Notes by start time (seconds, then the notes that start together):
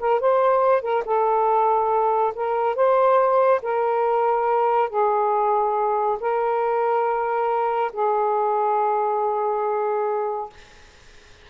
0.00 A#4
0.20 C5
0.82 A#4
1.05 A4
2.35 A#4
2.75 C5
3.62 A#4
4.90 G#4
6.20 A#4
7.93 G#4